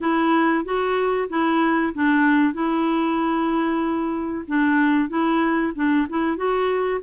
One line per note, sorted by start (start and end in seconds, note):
0.00 0.64 E4
0.64 1.28 F#4
1.29 1.93 E4
1.94 2.53 D4
2.53 4.45 E4
4.47 5.09 D4
5.09 5.72 E4
5.75 6.07 D4
6.09 6.37 E4
6.37 7.00 F#4